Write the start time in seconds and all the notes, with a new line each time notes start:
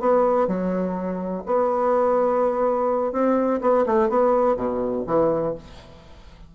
0.00 B3
0.48 F#3
1.46 B3
3.12 C4
3.61 B3
3.86 A3
4.09 B3
4.56 B2
5.07 E3